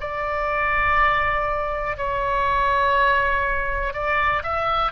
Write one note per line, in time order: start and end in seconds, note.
0.00 1.97 D5
1.97 3.93 C#5
3.93 4.43 D5
4.43 4.92 E5